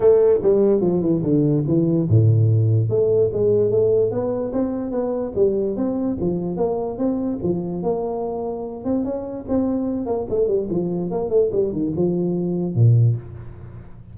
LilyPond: \new Staff \with { instrumentName = "tuba" } { \time 4/4 \tempo 4 = 146 a4 g4 f8 e8 d4 | e4 a,2 a4 | gis4 a4 b4 c'4 | b4 g4 c'4 f4 |
ais4 c'4 f4 ais4~ | ais4. c'8 cis'4 c'4~ | c'8 ais8 a8 g8 f4 ais8 a8 | g8 dis8 f2 ais,4 | }